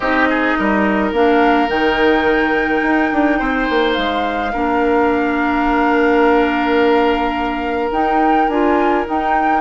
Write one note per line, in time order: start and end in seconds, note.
0.00 0.54 C4
0.00 1.14 D#4
0.00 0.28 G4
0.00 1.11 D#5
0.29 0.57 G#4
0.58 1.12 G3
0.58 3.38 A#4
1.12 1.68 A#3
1.12 1.68 D4
1.12 1.69 F5
1.68 2.81 D#3
1.68 4.51 D#4
1.68 3.93 G5
2.82 3.10 D#4
3.12 3.40 D4
3.38 3.68 C4
3.38 4.52 C5
3.69 3.97 A#3
3.93 4.53 G#3
3.93 7.89 F5
4.52 7.90 A#3
4.52 7.92 D4
4.52 9.61 A#4
7.90 8.47 D#4
7.90 8.49 D#4
7.90 8.48 G5
8.48 9.05 D4
8.48 9.05 F4
8.48 9.05 G#5
9.05 9.61 D#4
9.05 9.61 G5